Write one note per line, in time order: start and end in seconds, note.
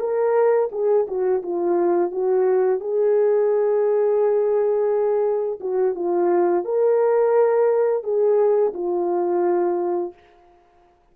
0.00 0.70 A#4
0.72 1.07 G#4
1.08 1.42 F#4
1.43 2.12 F4
2.12 2.80 F#4
2.80 5.59 G#4
5.61 5.95 F#4
5.95 6.65 F4
6.65 8.03 A#4
8.03 8.73 G#4
8.74 10.14 F4